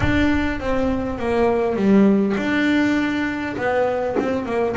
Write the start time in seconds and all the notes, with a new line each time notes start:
0.00 D4
0.60 C4
1.18 A#3
1.76 G3
2.37 D4
3.56 B3
4.19 C4
4.45 A#3